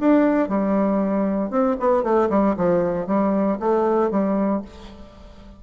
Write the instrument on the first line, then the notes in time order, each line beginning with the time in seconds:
bassoon
0.00 D4
0.49 G3
1.50 C4
1.79 B3
2.03 A3
2.30 G3
2.57 F3
3.07 G3
3.59 A3
4.11 G3